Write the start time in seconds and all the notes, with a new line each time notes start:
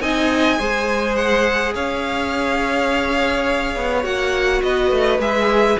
0.00 C4 D#4 D#5 G#5
0.58 G#3 G#4 C5
1.16 F#5
1.74 C#4 C#5 F5
3.76 B3
4.03 A#3 F#4 F#5
4.62 B3 B4 D#5
4.91 A3
5.19 G#3 G#4 E5